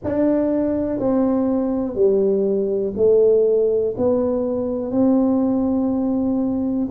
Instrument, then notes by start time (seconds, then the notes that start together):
tuba
0.04 D4
0.99 C4
1.95 G3
2.96 A3
3.97 B3
4.91 C4